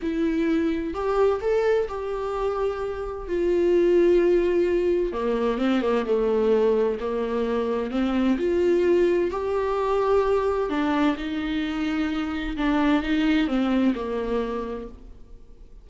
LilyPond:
\new Staff \with { instrumentName = "viola" } { \time 4/4 \tempo 4 = 129 e'2 g'4 a'4 | g'2. f'4~ | f'2. ais4 | c'8 ais8 a2 ais4~ |
ais4 c'4 f'2 | g'2. d'4 | dis'2. d'4 | dis'4 c'4 ais2 | }